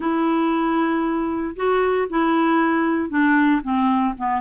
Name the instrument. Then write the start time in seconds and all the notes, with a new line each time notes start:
clarinet
0.00 E4
1.56 F#4
2.09 E4
3.09 D4
3.62 C4
4.17 B3